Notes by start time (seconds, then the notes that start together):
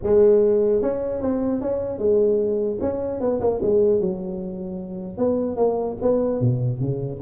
0.03 G#3
0.81 C#4
1.21 C4
1.61 C#4
1.98 G#3
2.81 C#4
3.20 B3
3.40 A#3
3.62 G#3
4.00 F#3
5.17 B3
5.56 A#3
6.01 B3
6.40 B2
6.80 C#3